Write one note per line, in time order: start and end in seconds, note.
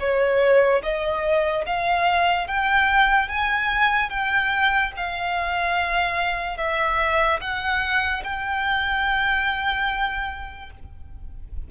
0.00 0.82 C#5
0.83 1.66 D#5
1.67 2.48 F5
2.48 3.29 G5
3.29 4.10 G#5
4.10 4.92 G5
4.97 6.58 F5
6.58 7.40 E5
7.41 8.23 F#5
8.25 10.71 G5